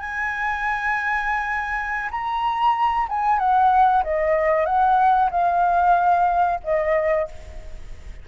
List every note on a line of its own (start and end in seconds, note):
0.00 2.10 G#5
2.11 3.08 A#5
3.09 3.39 G#5
3.39 4.04 F#5
4.04 4.66 D#5
4.66 5.30 F#5
5.31 6.60 F5
6.64 7.28 D#5